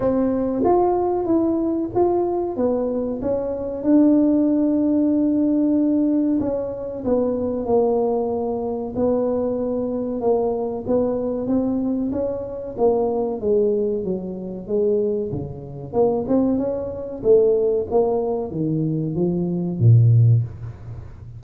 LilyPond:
\new Staff \with { instrumentName = "tuba" } { \time 4/4 \tempo 4 = 94 c'4 f'4 e'4 f'4 | b4 cis'4 d'2~ | d'2 cis'4 b4 | ais2 b2 |
ais4 b4 c'4 cis'4 | ais4 gis4 fis4 gis4 | cis4 ais8 c'8 cis'4 a4 | ais4 dis4 f4 ais,4 | }